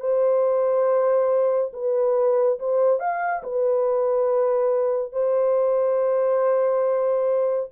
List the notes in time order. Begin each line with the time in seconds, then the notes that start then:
0.00 C5
1.73 B4
2.59 C5
3.00 F5
3.43 B4
5.12 C5